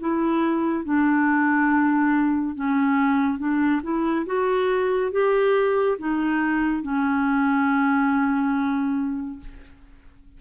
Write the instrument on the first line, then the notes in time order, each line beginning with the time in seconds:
clarinet
0.00 E4
0.84 D4
2.55 C#4
3.39 D4
3.83 E4
4.26 F#4
5.12 G4
5.98 D#4
6.83 C#4